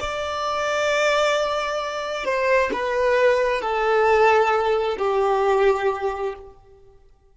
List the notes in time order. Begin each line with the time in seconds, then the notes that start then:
0.00 D5
2.25 C5
2.73 B4
3.62 A4
4.98 G4